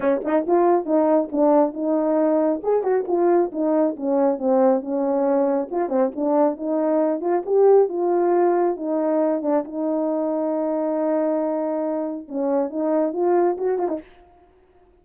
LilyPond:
\new Staff \with { instrumentName = "horn" } { \time 4/4 \tempo 4 = 137 cis'8 dis'8 f'4 dis'4 d'4 | dis'2 gis'8 fis'8 f'4 | dis'4 cis'4 c'4 cis'4~ | cis'4 f'8 c'8 d'4 dis'4~ |
dis'8 f'8 g'4 f'2 | dis'4. d'8 dis'2~ | dis'1 | cis'4 dis'4 f'4 fis'8 f'16 dis'16 | }